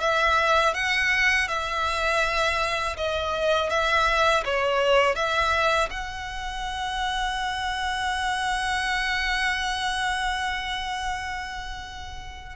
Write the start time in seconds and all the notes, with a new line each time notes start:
0.00 E5
0.74 F#5
1.48 E5
2.97 D#5
3.69 E5
4.45 C#5
5.15 E5
5.90 F#5